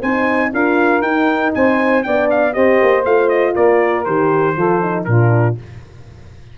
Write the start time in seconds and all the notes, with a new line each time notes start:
0.00 C4 D#4 C5 G#5
0.53 D4 F4 A#4 F5
1.02 D#4 G5
1.55 C4 C5 G#5
2.03 B3 D4 D5 G5
2.30 F5
2.53 C4 G4 C5 D#5
2.82 A#3
3.05 A3 F4 F5
3.29 D#5
3.54 A#3 A#4 D5
4.05 D#3 G4 C5
4.56 F3 F4 A4
4.82 D#4
5.05 A#2 D4 F4 A#4